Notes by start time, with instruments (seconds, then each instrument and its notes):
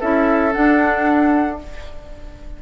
0.00 bassoon C#4, clarinet E4, oboe A4, flute E5
0.52 clarinet D4, bassoon D4, flute F#5